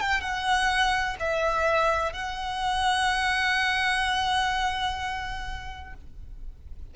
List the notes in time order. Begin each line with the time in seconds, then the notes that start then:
0.00 G5
0.21 F#5
1.19 E5
2.13 F#5